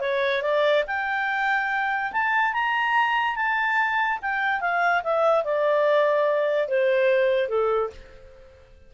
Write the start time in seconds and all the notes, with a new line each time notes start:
0.00 C#5
0.42 D5
0.87 G5
2.12 A5
2.53 A#5
3.35 A5
4.21 G5
4.60 F5
5.03 E5
5.44 D5
6.68 C5
7.48 A4